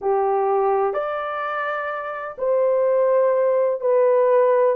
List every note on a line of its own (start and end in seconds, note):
0.01 0.93 G4
0.93 2.36 D5
2.38 3.81 C5
3.81 4.75 B4